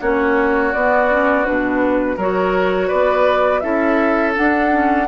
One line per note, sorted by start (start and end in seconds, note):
0.00 0.74 A#3
0.00 0.73 C#4
0.00 2.16 F#4
0.00 0.73 C#5
0.73 1.46 B3
0.73 1.10 B3
0.73 1.45 D5
1.10 1.44 C#4
1.44 2.17 B2
1.44 2.17 D4
1.44 2.17 B4
2.16 2.89 F#3
2.16 3.62 F#4
2.16 2.87 A#4
2.16 2.89 C#5
2.87 3.63 B3
2.87 3.60 B4
2.87 3.60 D5
3.60 4.35 C#4
3.60 4.34 E4
3.60 5.07 A4
3.60 4.32 E5
4.34 4.70 D4
4.34 5.07 D4
4.34 5.07 F#5
4.71 5.07 C#4